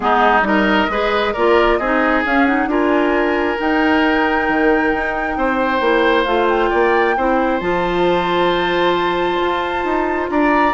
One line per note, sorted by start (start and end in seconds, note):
0.00 0.41 G#3
0.00 0.42 B3
0.00 0.47 D#4
0.00 0.43 G#4
0.41 0.86 G3
0.41 0.87 D#4
0.41 0.91 A#4
0.41 1.33 D#5
0.88 1.33 G#3
0.88 1.35 G#4
0.88 1.33 B4
1.33 1.79 A#3
1.33 1.81 F4
1.33 1.78 A#4
1.33 1.77 D5
1.77 2.24 C4
1.77 2.25 D#4
1.77 2.68 G#4
1.77 2.22 D#5
2.25 2.47 C#4
2.25 2.66 C#4
2.25 2.46 F5
2.46 2.69 D#4
2.46 2.69 F#5
2.66 3.55 D4
2.66 3.58 F4
2.66 5.37 A#4
2.66 3.59 G#5
3.58 5.81 D#4
3.58 4.49 D#4
3.58 6.24 G5
4.49 4.93 D#3
4.93 5.36 D#4
5.36 5.80 C4
5.36 6.70 C5
5.80 6.25 A#3
5.80 6.26 E4
6.24 6.70 A3
6.24 7.15 F4
6.24 6.46 F5
6.48 7.60 G5
6.70 7.17 A#3
6.70 7.15 D5
7.17 7.60 C4
7.17 7.61 E4
7.17 10.30 C5
7.60 9.39 F3
7.60 10.74 F4
7.60 10.28 A5
9.41 9.84 F4
9.84 10.29 D#4
10.29 10.74 D4
10.29 10.74 D5
10.29 10.74 A#5